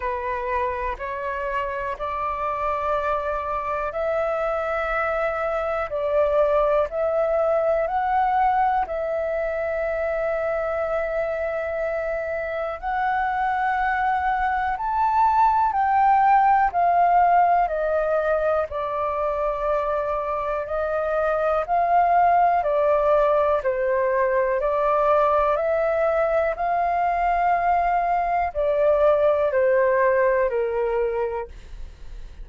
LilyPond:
\new Staff \with { instrumentName = "flute" } { \time 4/4 \tempo 4 = 61 b'4 cis''4 d''2 | e''2 d''4 e''4 | fis''4 e''2.~ | e''4 fis''2 a''4 |
g''4 f''4 dis''4 d''4~ | d''4 dis''4 f''4 d''4 | c''4 d''4 e''4 f''4~ | f''4 d''4 c''4 ais'4 | }